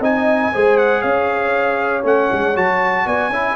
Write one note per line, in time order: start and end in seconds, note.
0.00 0.51 C4
0.00 0.53 D#4
0.00 0.51 D#5
0.00 0.78 G#5
0.52 1.03 G#3
0.52 2.03 G#4
0.52 1.01 C5
0.78 1.01 F#5
1.01 2.03 C#4
1.01 3.05 C#5
1.01 2.03 F5
2.03 2.29 A3
2.03 2.53 C#4
2.03 2.57 F#5
2.32 2.56 G#3
2.55 3.06 F#3
2.55 3.31 F#4
2.55 3.07 A5
3.06 3.29 B3
3.06 3.31 D5
3.06 3.56 G#5
3.29 3.54 C#4
3.29 3.56 E4
3.29 3.56 E5